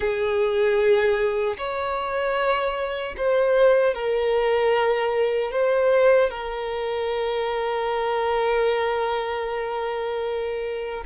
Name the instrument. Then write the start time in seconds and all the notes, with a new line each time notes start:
violin
0.00 G#4
1.57 C#5
3.17 C5
3.94 A#4
5.51 C5
6.30 A#4